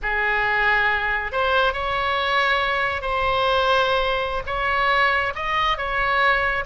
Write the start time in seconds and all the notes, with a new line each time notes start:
0.02 G#4
1.32 C5
1.73 C#5
3.01 C5
4.46 C#5
5.35 D#5
5.77 C#5